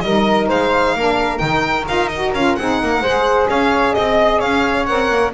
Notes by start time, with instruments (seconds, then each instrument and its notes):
0.00 double bass G3, saxophone D#4, flute A#4, violin D#5
0.48 double bass G#3, flute C5, violin F5
0.94 double bass A#3, saxophone D4, flute A#4
1.37 double bass D#3, saxophone D#4, violin G5
1.86 double bass D#4, saxophone F4, violin F5
2.08 saxophone F#4, violin D#5
2.34 double bass C#4, saxophone F4, violin F5
2.55 double bass C4, saxophone D#4, flute G#4, violin F#5
2.82 double bass A#3, flute A#4
3.01 double bass G#3, saxophone G#4, flute C5
3.48 double bass C#4, flute C#5, violin F5
3.93 double bass C4, flute D#5, violin D#5
4.39 double bass C#4, flute C#5, violin F5
4.85 double bass C4, saxophone A#4, violin F#5
5.10 double bass A#3